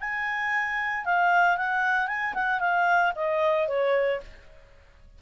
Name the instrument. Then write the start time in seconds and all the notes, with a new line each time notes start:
clarinet
0.00 G#5
1.05 F5
1.57 F#5
2.07 G#5
2.34 F#5
2.60 F5
3.16 D#5
3.68 C#5